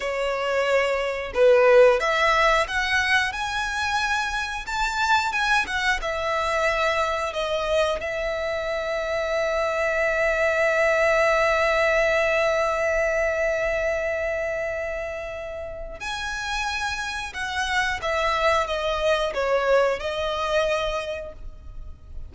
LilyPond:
\new Staff \with { instrumentName = "violin" } { \time 4/4 \tempo 4 = 90 cis''2 b'4 e''4 | fis''4 gis''2 a''4 | gis''8 fis''8 e''2 dis''4 | e''1~ |
e''1~ | e''1 | gis''2 fis''4 e''4 | dis''4 cis''4 dis''2 | }